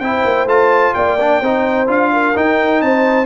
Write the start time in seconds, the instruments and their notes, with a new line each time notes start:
0.00 tuba C4, trombone E4, horn C5, trumpet G5
0.24 tuba A#3
0.46 tuba A3, trombone F4, trumpet A5
0.94 tuba A#3, horn D5, trumpet G5
1.20 trombone D4
1.40 tuba C4, trombone D#4, horn C5
1.87 tuba D4, trombone F4, trumpet F5
2.13 horn A#4
2.35 trombone D#4, tuba D#4, trumpet G5
2.81 tuba C4, horn C5, trumpet A5